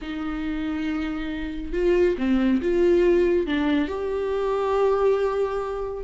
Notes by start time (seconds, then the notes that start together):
0.01 D#4
1.72 F4
2.17 C4
2.61 F4
3.46 D4
3.88 G4